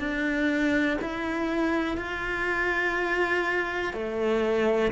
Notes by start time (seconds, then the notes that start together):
0.00 D4
1.02 E4
1.98 F4
3.94 A3